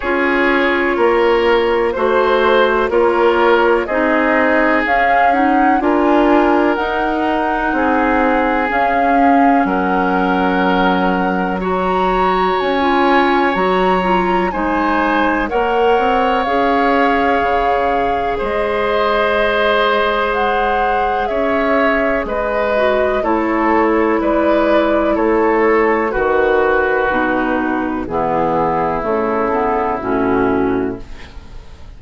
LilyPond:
<<
  \new Staff \with { instrumentName = "flute" } { \time 4/4 \tempo 4 = 62 cis''2 c''4 cis''4 | dis''4 f''8 fis''8 gis''4 fis''4~ | fis''4 f''4 fis''2 | ais''4 gis''4 ais''4 gis''4 |
fis''4 f''2 dis''4~ | dis''4 fis''4 e''4 dis''4 | cis''4 d''4 cis''4 b'4~ | b'4 gis'4 a'4 fis'4 | }
  \new Staff \with { instrumentName = "oboe" } { \time 4/4 gis'4 ais'4 c''4 ais'4 | gis'2 ais'2 | gis'2 ais'2 | cis''2. c''4 |
cis''2. c''4~ | c''2 cis''4 b'4 | a'4 b'4 a'4 fis'4~ | fis'4 e'2. | }
  \new Staff \with { instrumentName = "clarinet" } { \time 4/4 f'2 fis'4 f'4 | dis'4 cis'8 dis'8 f'4 dis'4~ | dis'4 cis'2. | fis'4~ fis'16 f'8. fis'8 f'8 dis'4 |
ais'4 gis'2.~ | gis'2.~ gis'8 fis'8 | e'2. fis'4 | dis'4 b4 a8 b8 cis'4 | }
  \new Staff \with { instrumentName = "bassoon" } { \time 4/4 cis'4 ais4 a4 ais4 | c'4 cis'4 d'4 dis'4 | c'4 cis'4 fis2~ | fis4 cis'4 fis4 gis4 |
ais8 c'8 cis'4 cis4 gis4~ | gis2 cis'4 gis4 | a4 gis4 a4 dis4 | b,4 e4 cis4 a,4 | }
>>